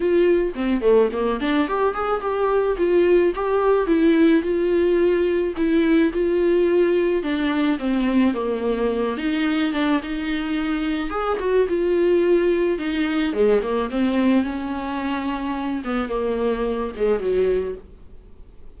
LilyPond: \new Staff \with { instrumentName = "viola" } { \time 4/4 \tempo 4 = 108 f'4 c'8 a8 ais8 d'8 g'8 gis'8 | g'4 f'4 g'4 e'4 | f'2 e'4 f'4~ | f'4 d'4 c'4 ais4~ |
ais8 dis'4 d'8 dis'2 | gis'8 fis'8 f'2 dis'4 | gis8 ais8 c'4 cis'2~ | cis'8 b8 ais4. gis8 fis4 | }